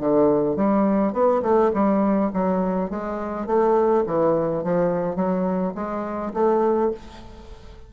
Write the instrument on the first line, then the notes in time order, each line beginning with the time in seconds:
bassoon
0.00 D3
0.56 G3
1.12 B3
1.42 A3
1.73 G3
2.33 F#3
2.90 G#3
3.46 A3
4.06 E3
4.63 F3
5.15 F#3
5.74 G#3
6.33 A3